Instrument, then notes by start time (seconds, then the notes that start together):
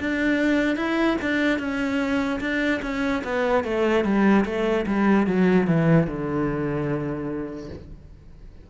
cello
0.00 D4
0.76 E4
1.22 D4
1.59 C#4
2.40 D4
2.82 C#4
3.24 B3
3.64 A3
4.04 G3
4.45 A3
4.87 G3
5.27 F#3
5.67 E3
6.07 D3